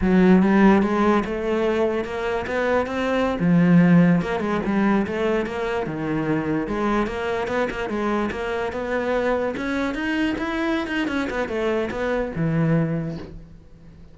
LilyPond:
\new Staff \with { instrumentName = "cello" } { \time 4/4 \tempo 4 = 146 fis4 g4 gis4 a4~ | a4 ais4 b4 c'4~ | c'16 f2 ais8 gis8 g8.~ | g16 a4 ais4 dis4.~ dis16~ |
dis16 gis4 ais4 b8 ais8 gis8.~ | gis16 ais4 b2 cis'8.~ | cis'16 dis'4 e'4~ e'16 dis'8 cis'8 b8 | a4 b4 e2 | }